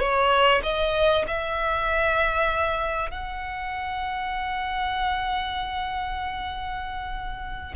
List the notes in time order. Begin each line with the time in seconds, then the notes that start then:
0.00 C#5
0.64 D#5
1.28 E5
3.11 F#5